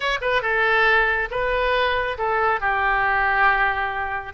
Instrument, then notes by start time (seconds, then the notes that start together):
oboe
0.00 C#5
0.21 B4
0.42 A4
1.30 B4
2.18 A4
2.60 G4